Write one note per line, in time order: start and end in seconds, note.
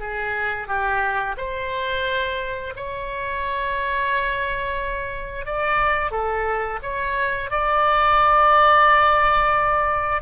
0.00 0.68 G#4
0.68 1.36 G4
1.38 2.74 C5
2.76 5.46 C#5
5.46 6.11 D5
6.11 6.80 A4
6.83 7.51 C#5
7.51 10.22 D5